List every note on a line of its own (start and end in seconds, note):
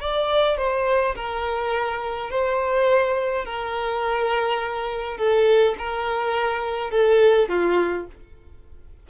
0.00 0.57 D5
0.57 1.15 C5
1.15 2.30 A#4
2.30 3.45 C5
3.45 5.17 A#4
5.17 5.75 A4
5.78 6.90 A#4
6.90 7.48 A4
7.48 8.06 F4